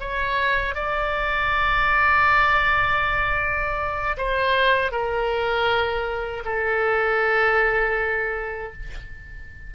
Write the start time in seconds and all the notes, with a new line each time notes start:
0.00 C#5
0.75 D5
4.17 C5
4.92 A#4
6.45 A4